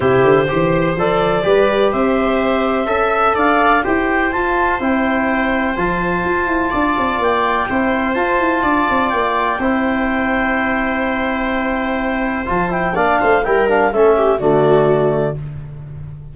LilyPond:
<<
  \new Staff \with { instrumentName = "clarinet" } { \time 4/4 \tempo 4 = 125 c''2 d''2 | e''2. f''4 | g''4 a''4 g''2 | a''2. g''4~ |
g''4 a''2 g''4~ | g''1~ | g''2 a''8 g''8 f''4 | g''8 f''8 e''4 d''2 | }
  \new Staff \with { instrumentName = "viola" } { \time 4/4 g'4 c''2 b'4 | c''2 e''4 d''4 | c''1~ | c''2 d''2 |
c''2 d''2 | c''1~ | c''2. d''8 c''8 | ais'4 a'8 g'8 fis'2 | }
  \new Staff \with { instrumentName = "trombone" } { \time 4/4 e'4 g'4 a'4 g'4~ | g'2 a'2 | g'4 f'4 e'2 | f'1 |
e'4 f'2. | e'1~ | e'2 f'8 e'8 d'4 | e'8 d'8 cis'4 a2 | }
  \new Staff \with { instrumentName = "tuba" } { \time 4/4 c8 d8 e4 f4 g4 | c'2 cis'4 d'4 | e'4 f'4 c'2 | f4 f'8 e'8 d'8 c'8 ais4 |
c'4 f'8 e'8 d'8 c'8 ais4 | c'1~ | c'2 f4 ais8 a8 | g4 a4 d2 | }
>>